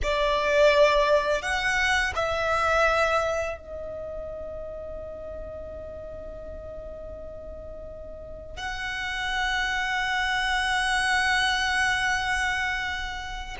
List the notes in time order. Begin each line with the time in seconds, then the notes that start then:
0.02 D5
1.42 F#5
2.15 E5
3.57 D#5
8.56 F#5